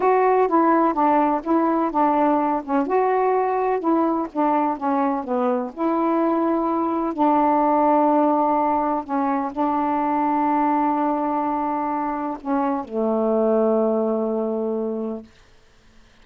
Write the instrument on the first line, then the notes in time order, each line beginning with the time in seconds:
saxophone
0.00 F#4
0.48 E4
0.93 D4
1.43 E4
1.91 D4
2.64 C#4
2.86 F#4
3.79 E4
4.32 D4
4.77 C#4
5.23 B3
5.73 E4
7.13 D4
9.03 C#4
9.52 D4
12.40 C#4
12.85 A3